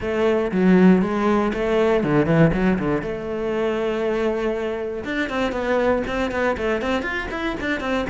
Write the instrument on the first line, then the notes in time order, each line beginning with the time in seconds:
cello
0.00 A3
0.51 F#3
1.02 G#3
1.53 A3
2.03 D3
2.26 E3
2.53 F#3
2.79 D3
3.02 A3
5.04 D4
5.29 C4
5.52 B3
6.07 C4
6.31 B3
6.57 A3
6.81 C4
7.02 F4
7.30 E4
7.60 D4
7.80 C4